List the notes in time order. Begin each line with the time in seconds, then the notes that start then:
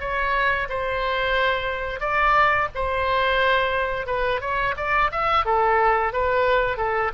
0.00 C#5
0.69 C5
2.00 D5
2.75 C5
4.07 B4
4.41 C#5
4.77 D5
5.12 E5
5.45 A4
6.13 B4
6.77 A4